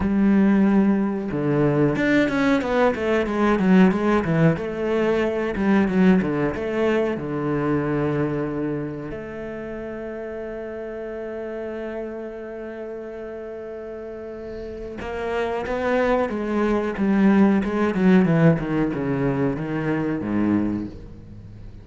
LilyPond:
\new Staff \with { instrumentName = "cello" } { \time 4/4 \tempo 4 = 92 g2 d4 d'8 cis'8 | b8 a8 gis8 fis8 gis8 e8 a4~ | a8 g8 fis8 d8 a4 d4~ | d2 a2~ |
a1~ | a2. ais4 | b4 gis4 g4 gis8 fis8 | e8 dis8 cis4 dis4 gis,4 | }